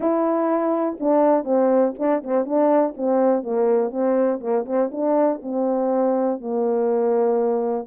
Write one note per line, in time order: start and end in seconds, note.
0.00 0.97 E4
0.99 1.44 D4
1.44 1.93 C4
1.98 2.23 D4
2.23 2.45 C4
2.45 2.94 D4
2.96 3.43 C4
3.43 3.91 A#3
3.91 4.40 C4
4.40 4.65 A#3
4.65 4.90 C4
4.91 5.41 D4
5.42 6.40 C4
6.40 7.86 A#3